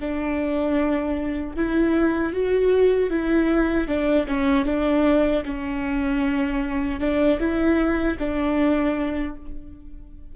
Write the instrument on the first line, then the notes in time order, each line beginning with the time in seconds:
viola
0.00 D4
1.56 E4
2.33 F#4
3.10 E4
3.87 D4
4.28 C#4
4.65 D4
5.45 C#4
7.00 D4
7.40 E4
8.19 D4